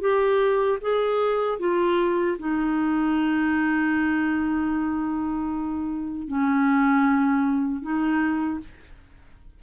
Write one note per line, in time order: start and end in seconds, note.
0.00 0.78 G4
0.81 1.59 G#4
1.59 2.37 F4
2.38 6.27 D#4
6.27 7.82 C#4
7.82 8.60 D#4